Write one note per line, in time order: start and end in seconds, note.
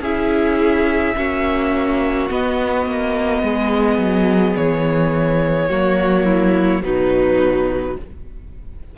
0.00 1.13 C#4
0.00 1.16 E4
0.00 1.15 G#4
0.00 2.29 E5
1.16 2.30 A#3
1.16 2.29 C#4
1.16 3.43 F#4
2.29 5.69 B3
2.29 2.86 B3
2.29 4.56 D#5
2.86 3.42 A#3
3.42 3.97 G#3
3.42 5.69 G#4
3.97 4.54 F#3
4.56 5.70 E3
4.56 6.82 C#5
5.69 6.82 F#3
5.69 6.83 A#3
5.69 6.25 F#4
6.25 6.81 E4
6.82 7.96 B2
6.82 7.96 F#3
6.82 7.97 D#4
6.82 7.97 B4